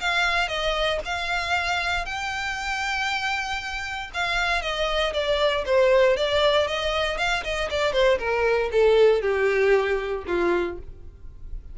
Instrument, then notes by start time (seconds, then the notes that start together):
violin
0.00 F5
0.48 D#5
1.04 F5
2.05 G5
4.13 F5
4.61 D#5
5.13 D5
5.65 C5
6.16 D5
6.67 D#5
7.17 F5
7.43 D#5
7.70 D5
7.92 C5
8.18 A#4
8.71 A4
9.21 G4
10.26 F4